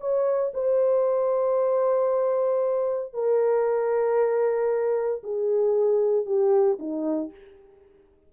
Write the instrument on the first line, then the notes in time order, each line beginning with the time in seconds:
horn
0.00 C#5
0.54 C5
3.13 A#4
5.23 G#4
6.26 G4
6.79 D#4